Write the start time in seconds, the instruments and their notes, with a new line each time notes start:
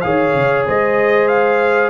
0.00 tuba D#3, trombone G#4, horn C#5, trumpet F5
0.34 tuba C#3
0.67 tuba G#3, horn C5, trumpet D#5
1.28 trumpet F5